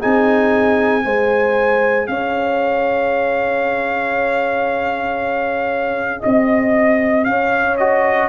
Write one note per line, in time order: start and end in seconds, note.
0.00 1.05 C4
0.00 1.01 D#4
0.00 1.03 G#4
0.00 2.07 G#5
1.01 2.08 G#3
1.01 7.73 G#4
1.01 2.09 C5
2.07 6.22 C#4
2.07 6.20 C#5
2.07 6.21 F5
6.20 7.26 C4
6.20 7.23 D#5
6.20 7.24 D#5
7.24 8.28 C#4
7.24 8.28 C#5
7.24 7.76 F5
7.77 8.28 F#4
7.77 8.28 D#5